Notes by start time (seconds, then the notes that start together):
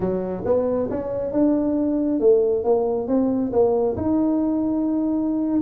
0.00 F#3
0.45 B3
0.90 C#4
1.32 D4
2.20 A3
2.64 A#3
3.07 C4
3.52 A#3
3.96 D#4